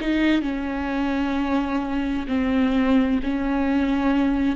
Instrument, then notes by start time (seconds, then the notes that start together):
viola
0.00 D#4
0.41 C#4
2.27 C4
3.23 C#4